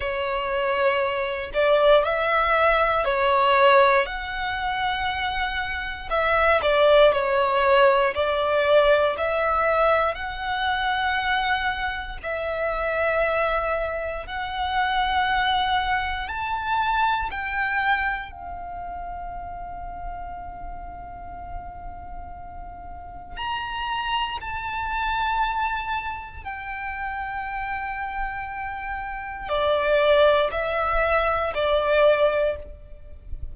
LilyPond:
\new Staff \with { instrumentName = "violin" } { \time 4/4 \tempo 4 = 59 cis''4. d''8 e''4 cis''4 | fis''2 e''8 d''8 cis''4 | d''4 e''4 fis''2 | e''2 fis''2 |
a''4 g''4 f''2~ | f''2. ais''4 | a''2 g''2~ | g''4 d''4 e''4 d''4 | }